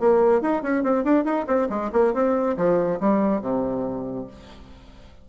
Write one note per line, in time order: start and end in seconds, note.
0.00 0.42 A#3
0.42 0.63 D#4
0.63 0.84 C#4
0.84 1.05 C4
1.05 1.25 D4
1.25 1.46 D#4
1.47 1.69 C4
1.70 1.91 G#3
1.93 2.14 A#3
2.14 2.57 C4
2.57 3.00 F3
3.01 3.41 G3
3.41 4.27 C3